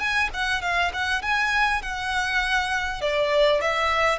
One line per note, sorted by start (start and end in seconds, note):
0.00 0.30 G#5
0.34 0.62 F#5
0.62 0.92 F5
0.94 1.22 F#5
1.22 1.82 G#5
1.82 3.02 F#5
3.02 3.62 D5
3.62 4.19 E5